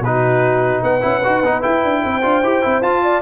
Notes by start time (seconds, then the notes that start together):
0.00 B2 D#4 F#4 B4
0.82 B3 B4 F#5
1.01 C#4 E4
1.23 D#4 F#4
1.42 B3 D#4
1.61 E4 G5
1.84 D4
2.04 C4 C5
2.22 D4 F4
2.43 E4 G4
2.62 C4 E4
2.81 F4 A5
3.03 D5